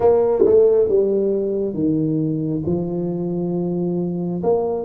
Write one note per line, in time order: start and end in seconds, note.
0.00 0.44 A#3
0.45 0.88 A3
0.88 1.74 G3
1.74 2.62 D#3
2.66 4.42 F3
4.43 4.85 A#3